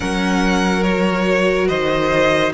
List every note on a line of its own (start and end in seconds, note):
0.00 1.69 F#3
0.00 0.83 C#4
0.00 1.68 A#4
0.00 0.83 F#5
0.83 2.53 F#4
0.83 1.67 C#5
1.67 2.53 D#3
1.67 2.52 C5
1.67 2.52 D#5